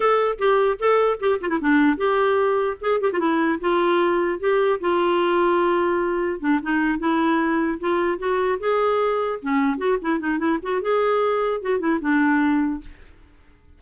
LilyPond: \new Staff \with { instrumentName = "clarinet" } { \time 4/4 \tempo 4 = 150 a'4 g'4 a'4 g'8 f'16 e'16 | d'4 g'2 gis'8 g'16 f'16 | e'4 f'2 g'4 | f'1 |
d'8 dis'4 e'2 f'8~ | f'8 fis'4 gis'2 cis'8~ | cis'8 fis'8 e'8 dis'8 e'8 fis'8 gis'4~ | gis'4 fis'8 e'8 d'2 | }